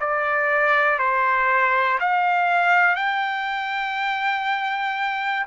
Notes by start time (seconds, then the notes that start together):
0.00 D5
0.99 C5
2.00 F5
2.95 G5